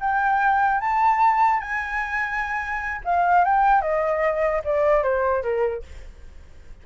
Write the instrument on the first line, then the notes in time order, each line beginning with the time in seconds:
flute
0.00 G5
0.81 A5
1.60 G#5
3.04 F5
3.44 G5
3.81 D#5
4.64 D5
5.03 C5
5.42 A#4